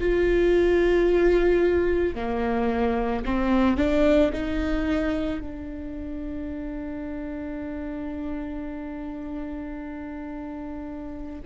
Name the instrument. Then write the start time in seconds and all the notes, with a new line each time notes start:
viola
0.00 F4
2.15 A#3
3.25 C4
3.77 D4
4.33 D#4
5.40 D4